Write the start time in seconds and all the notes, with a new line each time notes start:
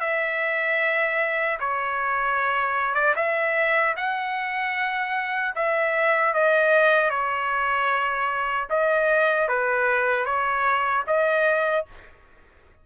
0.00 E5
1.59 C#5
2.94 D5
3.15 E5
3.96 F#5
5.55 E5
6.33 D#5
7.09 C#5
8.69 D#5
9.48 B4
10.25 C#5
11.06 D#5